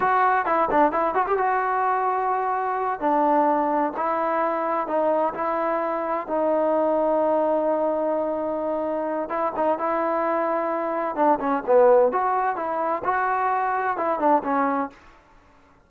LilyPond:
\new Staff \with { instrumentName = "trombone" } { \time 4/4 \tempo 4 = 129 fis'4 e'8 d'8 e'8 fis'16 g'16 fis'4~ | fis'2~ fis'8 d'4.~ | d'8 e'2 dis'4 e'8~ | e'4. dis'2~ dis'8~ |
dis'1 | e'8 dis'8 e'2. | d'8 cis'8 b4 fis'4 e'4 | fis'2 e'8 d'8 cis'4 | }